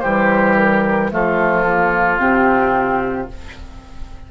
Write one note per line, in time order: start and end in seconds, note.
0.00 1.12 E3
0.00 1.10 G3
0.00 1.10 G4
0.00 0.55 C5
0.56 1.11 A#4
1.10 2.19 F3
1.10 1.65 A3
1.10 3.31 F4
1.10 2.19 A4
1.65 2.19 A#3
2.19 3.28 C3
2.19 3.28 C4
2.19 3.28 G4